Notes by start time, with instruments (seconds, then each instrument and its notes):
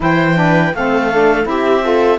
0.00 cello E3, saxophone E4, viola C5, clarinet G5
0.35 saxophone D4, viola B4
0.74 cello A3, saxophone C4, viola A4, clarinet F5
1.12 saxophone D4
1.43 cello C4, saxophone E4, clarinet E5
1.49 viola G4
1.81 saxophone F4, viola A4